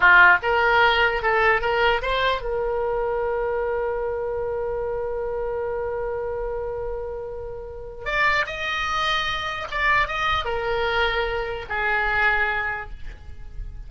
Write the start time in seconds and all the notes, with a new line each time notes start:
0.00 F4
0.42 A#4
1.22 A4
1.61 A#4
2.02 C5
2.41 A#4
8.05 D5
8.46 D#5
9.71 D5
10.07 D#5
10.44 A#4
11.69 G#4